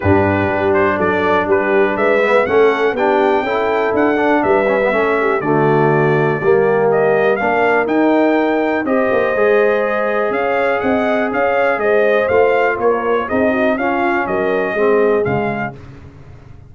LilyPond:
<<
  \new Staff \with { instrumentName = "trumpet" } { \time 4/4 \tempo 4 = 122 b'4. c''8 d''4 b'4 | e''4 fis''4 g''2 | fis''4 e''2 d''4~ | d''2 dis''4 f''4 |
g''2 dis''2~ | dis''4 f''4 fis''4 f''4 | dis''4 f''4 cis''4 dis''4 | f''4 dis''2 f''4 | }
  \new Staff \with { instrumentName = "horn" } { \time 4/4 g'2 a'4 g'4 | b'4 a'4 g'4 a'4~ | a'4 b'4 a'8 g'8 fis'4~ | fis'4 g'2 ais'4~ |
ais'2 c''2~ | c''4 cis''4 dis''4 cis''4 | c''2 ais'4 gis'8 fis'8 | f'4 ais'4 gis'2 | }
  \new Staff \with { instrumentName = "trombone" } { \time 4/4 d'1~ | d'8 b8 cis'4 d'4 e'4~ | e'8 d'4 cis'16 b16 cis'4 a4~ | a4 ais2 d'4 |
dis'2 g'4 gis'4~ | gis'1~ | gis'4 f'2 dis'4 | cis'2 c'4 gis4 | }
  \new Staff \with { instrumentName = "tuba" } { \time 4/4 g,4 g4 fis4 g4 | gis4 a4 b4 cis'4 | d'4 g4 a4 d4~ | d4 g2 ais4 |
dis'2 c'8 ais8 gis4~ | gis4 cis'4 c'4 cis'4 | gis4 a4 ais4 c'4 | cis'4 fis4 gis4 cis4 | }
>>